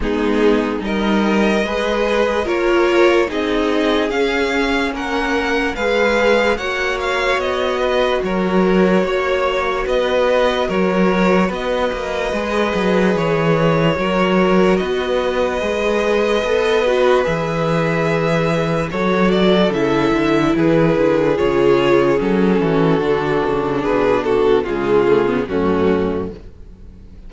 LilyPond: <<
  \new Staff \with { instrumentName = "violin" } { \time 4/4 \tempo 4 = 73 gis'4 dis''2 cis''4 | dis''4 f''4 fis''4 f''4 | fis''8 f''8 dis''4 cis''2 | dis''4 cis''4 dis''2 |
cis''2 dis''2~ | dis''4 e''2 cis''8 d''8 | e''4 b'4 cis''4 a'4~ | a'4 b'8 a'8 gis'4 fis'4 | }
  \new Staff \with { instrumentName = "violin" } { \time 4/4 dis'4 ais'4 b'4 ais'4 | gis'2 ais'4 b'4 | cis''4. b'8 ais'4 cis''4 | b'4 ais'4 b'2~ |
b'4 ais'4 b'2~ | b'2. a'4~ | a'4 gis'2~ gis'8 fis'8~ | fis'4 gis'8 fis'8 f'4 cis'4 | }
  \new Staff \with { instrumentName = "viola" } { \time 4/4 b4 dis'4 gis'4 f'4 | dis'4 cis'2 gis'4 | fis'1~ | fis'2. gis'4~ |
gis'4 fis'2 gis'4 | a'8 fis'8 gis'2 fis'4 | e'2 f'4 cis'4 | d'2 gis8 a16 b16 a4 | }
  \new Staff \with { instrumentName = "cello" } { \time 4/4 gis4 g4 gis4 ais4 | c'4 cis'4 ais4 gis4 | ais4 b4 fis4 ais4 | b4 fis4 b8 ais8 gis8 fis8 |
e4 fis4 b4 gis4 | b4 e2 fis4 | cis8 d8 e8 d8 cis4 fis8 e8 | d8 cis8 b,4 cis4 fis,4 | }
>>